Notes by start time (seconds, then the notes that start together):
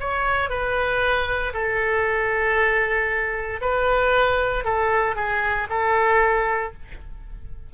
0.00 C#5
0.50 B4
1.54 A4
3.62 B4
4.65 A4
5.16 G#4
5.70 A4